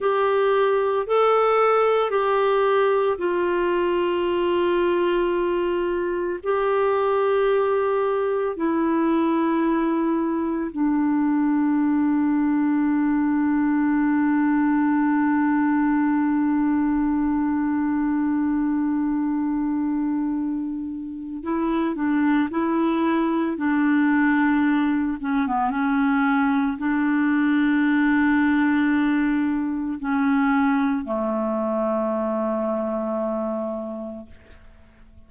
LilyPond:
\new Staff \with { instrumentName = "clarinet" } { \time 4/4 \tempo 4 = 56 g'4 a'4 g'4 f'4~ | f'2 g'2 | e'2 d'2~ | d'1~ |
d'1 | e'8 d'8 e'4 d'4. cis'16 b16 | cis'4 d'2. | cis'4 a2. | }